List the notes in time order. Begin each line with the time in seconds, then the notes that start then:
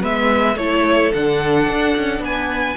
0.00 G#3 B3 B4 E5
0.56 A3 E4 A4 C#5
1.14 D3 D4 F#5
1.68 D4
1.96 C#4
2.20 B3 B4 G#5